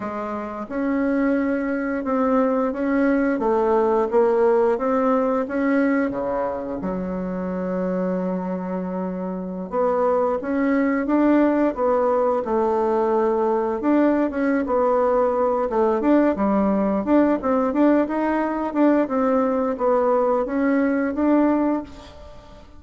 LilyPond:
\new Staff \with { instrumentName = "bassoon" } { \time 4/4 \tempo 4 = 88 gis4 cis'2 c'4 | cis'4 a4 ais4 c'4 | cis'4 cis4 fis2~ | fis2~ fis16 b4 cis'8.~ |
cis'16 d'4 b4 a4.~ a16~ | a16 d'8. cis'8 b4. a8 d'8 | g4 d'8 c'8 d'8 dis'4 d'8 | c'4 b4 cis'4 d'4 | }